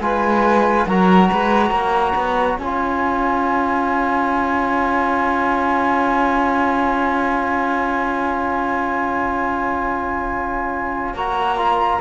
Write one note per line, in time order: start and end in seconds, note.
0.00 0.86 G#3
0.00 0.88 F4
0.00 0.88 B4
0.00 0.87 G#5
0.87 1.29 F#3
0.87 2.61 F#4
0.87 1.31 A#4
0.87 2.59 A#5
1.32 1.71 G#3
1.32 1.72 B4
1.71 2.14 A#3
1.71 12.00 C#5
2.15 2.58 B3
2.59 11.14 C#4
2.59 11.17 F4
2.59 11.16 G#5
11.14 11.99 A#3
11.14 11.57 F#4
11.14 12.01 A#5
11.57 12.00 F4